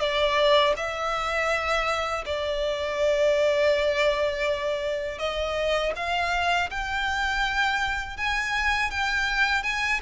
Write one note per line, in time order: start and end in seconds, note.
0.00 0.74 D5
0.77 2.25 E5
2.26 5.19 D5
5.19 5.93 D#5
5.96 6.70 F5
6.70 8.17 G5
8.17 8.91 G#5
8.91 9.63 G5
9.63 10.00 G#5